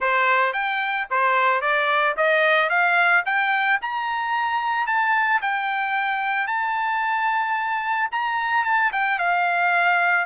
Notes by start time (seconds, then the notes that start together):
0.00 C5
0.53 G5
1.10 C5
1.61 D5
2.16 D#5
2.69 F5
3.25 G5
3.81 A#5
4.86 A5
5.41 G5
6.47 A5
8.11 A#5
8.64 A5
8.92 G5
9.19 F5